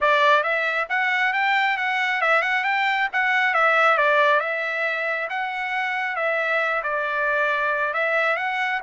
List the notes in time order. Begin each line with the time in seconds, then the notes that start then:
0.00 D5
0.43 E5
0.89 F#5
1.33 G5
1.77 F#5
2.21 E5
2.42 F#5
2.64 G5
3.12 F#5
3.54 E5
3.97 D5
4.40 E5
5.29 F#5
6.16 E5
6.83 D5
7.93 E5
8.36 F#5